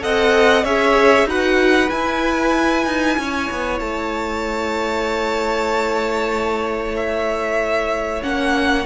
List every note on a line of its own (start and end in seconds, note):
0.00 0.64 C4
0.00 0.63 A4
0.00 0.63 D#5
0.00 0.65 F#5
0.63 1.25 C#4
0.63 1.27 G#4
0.63 1.26 C#5
0.63 1.28 E5
1.25 1.88 D#4
1.25 1.89 F#4
1.25 3.18 B4
1.25 1.89 F#5
1.89 8.21 E4
1.89 2.85 E4
1.89 3.79 G#5
2.85 3.17 D#4
3.18 3.49 C#4
3.18 8.86 C#5
3.51 3.79 B3
3.79 8.22 A3
3.79 6.95 A5
6.96 8.22 E5
8.21 8.86 A#3
8.21 8.84 C#4
8.21 8.86 F#5